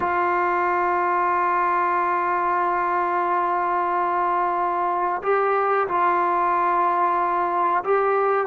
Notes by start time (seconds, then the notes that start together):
0.00 F4
5.22 G4
5.88 F4
7.83 G4